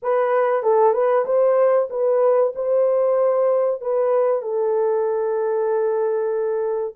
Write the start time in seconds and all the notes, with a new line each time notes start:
0.02 B4
0.62 A4
0.93 B4
1.25 C5
1.89 B4
2.55 C5
3.81 B4
4.42 A4